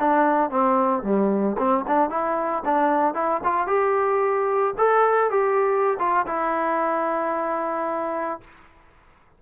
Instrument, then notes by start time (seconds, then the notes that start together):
trombone
0.00 D4
0.50 C4
1.03 G3
1.59 C4
1.88 D4
2.10 E4
2.65 D4
3.15 E4
3.44 F4
3.67 G4
4.78 A4
5.31 G4
5.99 F4
6.27 E4